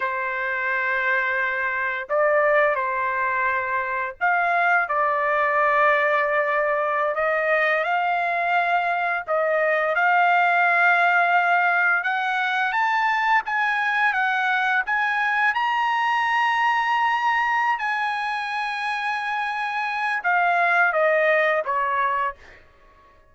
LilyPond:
\new Staff \with { instrumentName = "trumpet" } { \time 4/4 \tempo 4 = 86 c''2. d''4 | c''2 f''4 d''4~ | d''2~ d''16 dis''4 f''8.~ | f''4~ f''16 dis''4 f''4.~ f''16~ |
f''4~ f''16 fis''4 a''4 gis''8.~ | gis''16 fis''4 gis''4 ais''4.~ ais''16~ | ais''4. gis''2~ gis''8~ | gis''4 f''4 dis''4 cis''4 | }